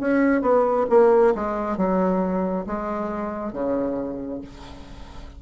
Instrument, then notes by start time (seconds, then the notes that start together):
bassoon
0.00 C#4
0.42 B3
0.90 A#3
1.35 G#3
1.77 F#3
2.67 G#3
3.53 C#3